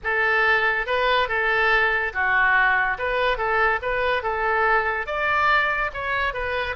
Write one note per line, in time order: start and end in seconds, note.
0.03 0.86 A4
0.86 1.28 B4
1.28 2.13 A4
2.13 2.97 F#4
2.98 3.37 B4
3.37 3.79 A4
3.81 4.22 B4
4.22 5.06 A4
5.06 5.91 D5
5.93 6.33 C#5
6.33 6.75 B4